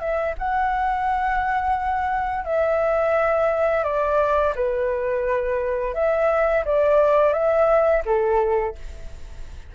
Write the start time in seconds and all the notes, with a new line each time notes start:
0.00 E5
0.38 F#5
2.45 E5
3.84 D5
4.56 B4
5.95 E5
6.65 D5
7.33 E5
8.05 A4